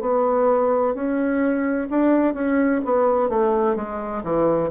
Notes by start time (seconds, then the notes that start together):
0.00 B3
0.94 C#4
1.90 D4
2.34 C#4
2.85 B3
3.29 A3
3.75 G#3
4.23 E3